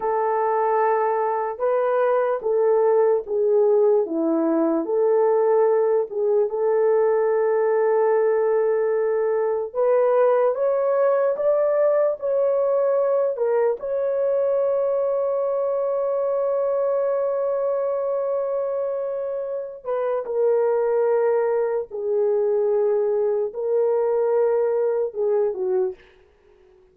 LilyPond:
\new Staff \with { instrumentName = "horn" } { \time 4/4 \tempo 4 = 74 a'2 b'4 a'4 | gis'4 e'4 a'4. gis'8 | a'1 | b'4 cis''4 d''4 cis''4~ |
cis''8 ais'8 cis''2.~ | cis''1~ | cis''8 b'8 ais'2 gis'4~ | gis'4 ais'2 gis'8 fis'8 | }